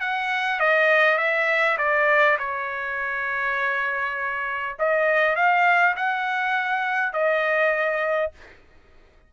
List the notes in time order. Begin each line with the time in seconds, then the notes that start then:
0.00 F#5
0.60 D#5
1.18 E5
1.78 D5
2.38 C#5
4.79 D#5
5.36 F5
5.96 F#5
7.13 D#5